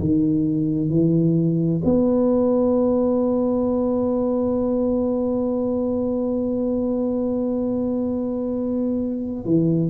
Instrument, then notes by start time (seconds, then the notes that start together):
tuba
0.00 D#3
0.90 E3
1.85 B3
9.45 E3